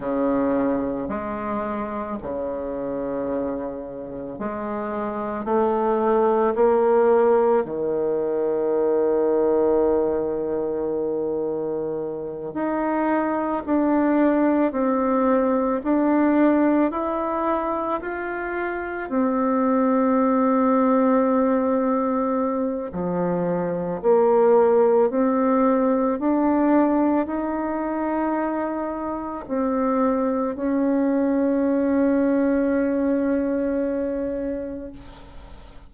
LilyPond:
\new Staff \with { instrumentName = "bassoon" } { \time 4/4 \tempo 4 = 55 cis4 gis4 cis2 | gis4 a4 ais4 dis4~ | dis2.~ dis8 dis'8~ | dis'8 d'4 c'4 d'4 e'8~ |
e'8 f'4 c'2~ c'8~ | c'4 f4 ais4 c'4 | d'4 dis'2 c'4 | cis'1 | }